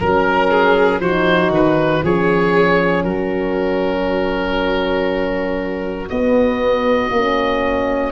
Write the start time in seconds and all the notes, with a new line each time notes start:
0.00 F#3 C#4 A#4
0.51 G#4
1.00 F3 D#4 F#4 C5
1.49 D#3 B4
2.03 F3 C#4 G#4 C#5
3.04 F#3 F#4 A#4
6.09 B3 D#5
7.11 A#3 C#4